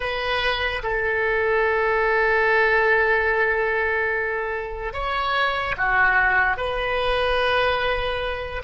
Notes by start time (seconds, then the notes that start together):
0.00 B4
0.82 A4
4.93 C#5
5.77 F#4
6.56 B4